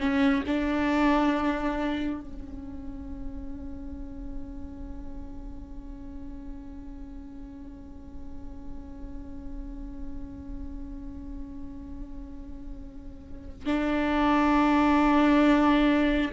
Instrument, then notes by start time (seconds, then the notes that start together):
viola
0.00 C#4
0.47 D4
2.21 C#4
13.66 D4